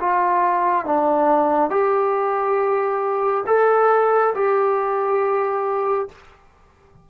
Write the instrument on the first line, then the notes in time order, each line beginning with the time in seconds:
trombone
0.00 F4
0.85 D4
1.70 G4
3.47 A4
4.34 G4